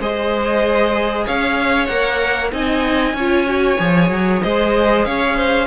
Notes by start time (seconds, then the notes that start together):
0.00 G#3 G#4 C5 D#5
1.25 C#4 C#5 F5
1.87 A#3 A#4 F#5
2.52 C4 D#4 D#5 G#5
3.14 C#4 F4 C#5
3.46 F#4
3.79 F3 G#4
4.10 F#3
4.42 G#3 C5 D#5
5.05 C#4 C#5 F5
5.36 C5